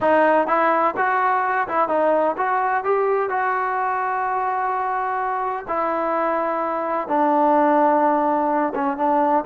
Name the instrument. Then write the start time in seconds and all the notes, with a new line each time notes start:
trombone
0.00 D#4
0.47 E4
0.96 F#4
1.68 E4
1.88 D#4
2.37 F#4
2.84 G4
3.29 F#4
5.68 E4
7.08 D4
8.74 C#4
8.97 D4